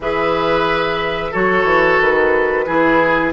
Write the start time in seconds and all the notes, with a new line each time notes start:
0.00 E3 G#4 B4 E5
1.31 F#3 F#4 A4 C#5
1.64 E3
2.00 D#3 B4
2.66 E3 E4 G#4